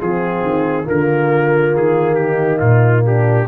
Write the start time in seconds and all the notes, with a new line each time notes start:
0.00 F3 C4 F4 G#4
0.42 D#3
0.84 D3 A#3 F4 A#4
1.73 D#3 G#4
2.14 D#4 G4
2.59 A#2 F4
3.04 D4 G4